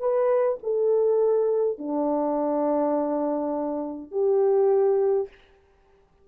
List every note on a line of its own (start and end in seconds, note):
0.00 0.58 B4
0.63 1.78 A4
1.78 4.11 D4
4.11 5.28 G4